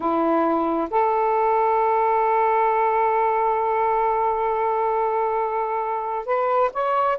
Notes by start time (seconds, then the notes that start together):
0.00 E4
0.90 A4
6.25 B4
6.73 C#5